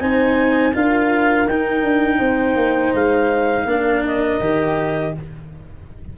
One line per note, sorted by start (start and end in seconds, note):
0.00 0.74 C4
0.00 0.73 D#4
0.00 0.75 C5
0.00 0.74 G#5
0.74 1.47 D4
0.74 1.47 F4
0.74 2.18 A#4
0.74 1.48 F5
1.47 1.83 D#4
1.47 3.69 D#4
1.47 2.94 G5
1.83 2.20 D4
2.18 2.56 C4
2.18 3.65 C5
2.56 2.92 A#3
2.94 3.66 G#3
2.94 4.05 F5
3.66 4.39 A#3
3.66 4.41 D4
3.66 5.18 A#4
4.06 5.15 D#5
4.40 5.13 D#3
4.40 5.14 G4